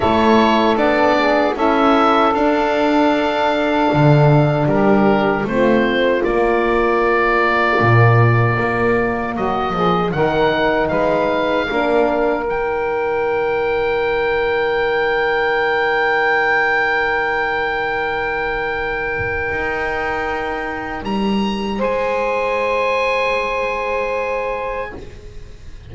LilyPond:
<<
  \new Staff \with { instrumentName = "oboe" } { \time 4/4 \tempo 4 = 77 cis''4 d''4 e''4 f''4~ | f''2 ais'4 c''4 | d''1 | dis''4 fis''4 f''2 |
g''1~ | g''1~ | g''2. ais''4 | gis''1 | }
  \new Staff \with { instrumentName = "saxophone" } { \time 4/4 a'4. gis'8 a'2~ | a'2 g'4 f'4~ | f'1 | fis'8 gis'8 ais'4 b'4 ais'4~ |
ais'1~ | ais'1~ | ais'1 | c''1 | }
  \new Staff \with { instrumentName = "horn" } { \time 4/4 e'4 d'4 e'4 d'4~ | d'2. c'4 | ais1~ | ais4 dis'2 d'4 |
dis'1~ | dis'1~ | dis'1~ | dis'1 | }
  \new Staff \with { instrumentName = "double bass" } { \time 4/4 a4 b4 cis'4 d'4~ | d'4 d4 g4 a4 | ais2 ais,4 ais4 | fis8 f8 dis4 gis4 ais4 |
dis1~ | dis1~ | dis4 dis'2 g4 | gis1 | }
>>